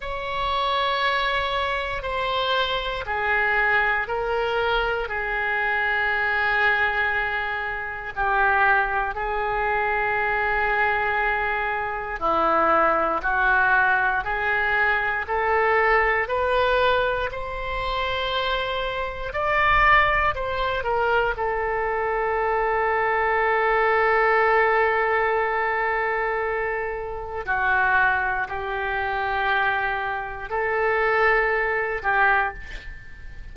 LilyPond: \new Staff \with { instrumentName = "oboe" } { \time 4/4 \tempo 4 = 59 cis''2 c''4 gis'4 | ais'4 gis'2. | g'4 gis'2. | e'4 fis'4 gis'4 a'4 |
b'4 c''2 d''4 | c''8 ais'8 a'2.~ | a'2. fis'4 | g'2 a'4. g'8 | }